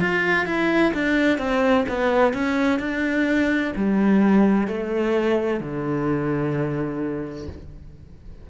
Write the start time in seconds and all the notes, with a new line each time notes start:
0.00 F4
0.46 E4
0.94 D4
1.38 C4
1.88 B3
2.33 C#4
2.79 D4
3.76 G3
4.67 A3
5.60 D3